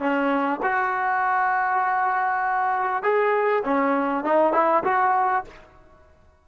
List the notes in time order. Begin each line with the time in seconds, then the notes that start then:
0.00 C#4
0.63 F#4
3.03 G#4
3.65 C#4
4.24 D#4
4.53 E4
4.84 F#4